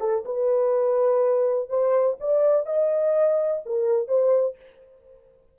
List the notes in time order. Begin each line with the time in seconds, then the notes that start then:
0.00 A4
0.25 B4
1.69 C5
2.20 D5
2.66 D#5
3.65 A#4
4.08 C5